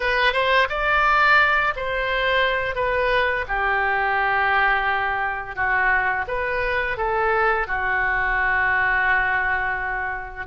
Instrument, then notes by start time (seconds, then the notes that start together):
oboe
0.00 B4
0.32 C5
0.69 D5
1.76 C5
2.75 B4
3.48 G4
5.55 F#4
6.27 B4
6.97 A4
7.67 F#4